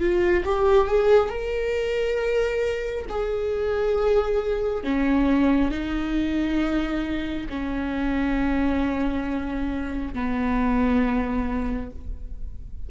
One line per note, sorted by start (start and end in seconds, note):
0.00 0.44 F4
0.45 0.88 G4
0.88 1.30 G#4
1.30 3.06 A#4
3.10 4.84 G#4
4.84 5.71 C#4
5.71 7.48 D#4
7.50 10.14 C#4
10.14 11.91 B3